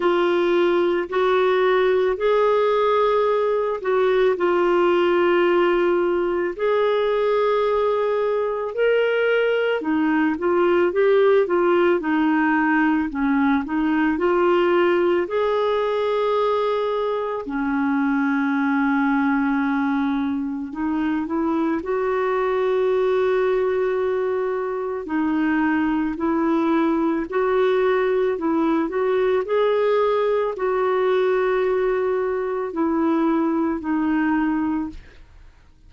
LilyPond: \new Staff \with { instrumentName = "clarinet" } { \time 4/4 \tempo 4 = 55 f'4 fis'4 gis'4. fis'8 | f'2 gis'2 | ais'4 dis'8 f'8 g'8 f'8 dis'4 | cis'8 dis'8 f'4 gis'2 |
cis'2. dis'8 e'8 | fis'2. dis'4 | e'4 fis'4 e'8 fis'8 gis'4 | fis'2 e'4 dis'4 | }